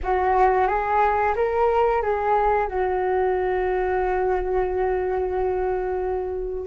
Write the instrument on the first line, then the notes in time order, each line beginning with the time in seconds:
flute
0.03 F#4
0.67 G#4
1.35 A#4
2.02 G#4
2.67 F#4